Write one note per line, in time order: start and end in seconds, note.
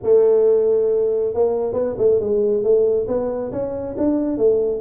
0.03 1.34 A3
1.34 1.73 A#3
1.73 1.95 B3
1.97 2.19 A3
2.20 2.63 G#3
2.63 3.07 A3
3.07 3.51 B3
3.52 3.95 C#4
3.97 4.37 D4
4.37 4.81 A3